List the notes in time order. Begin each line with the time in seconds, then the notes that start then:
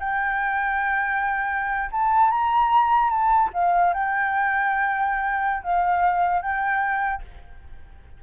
0.00 G5
1.92 A5
2.31 A#5
3.10 A5
3.54 F5
3.94 G5
5.64 F5
6.42 G5